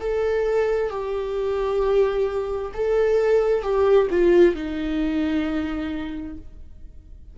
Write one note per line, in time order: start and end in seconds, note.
0.00 0.90 A4
0.90 2.72 G4
2.74 3.62 A4
3.62 4.08 G4
4.10 4.55 F4
4.55 6.37 D#4